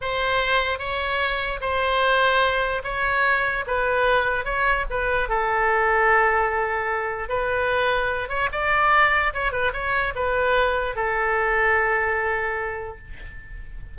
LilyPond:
\new Staff \with { instrumentName = "oboe" } { \time 4/4 \tempo 4 = 148 c''2 cis''2 | c''2. cis''4~ | cis''4 b'2 cis''4 | b'4 a'2.~ |
a'2 b'2~ | b'8 cis''8 d''2 cis''8 b'8 | cis''4 b'2 a'4~ | a'1 | }